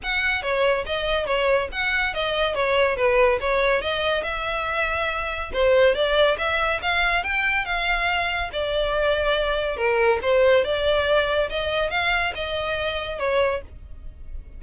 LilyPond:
\new Staff \with { instrumentName = "violin" } { \time 4/4 \tempo 4 = 141 fis''4 cis''4 dis''4 cis''4 | fis''4 dis''4 cis''4 b'4 | cis''4 dis''4 e''2~ | e''4 c''4 d''4 e''4 |
f''4 g''4 f''2 | d''2. ais'4 | c''4 d''2 dis''4 | f''4 dis''2 cis''4 | }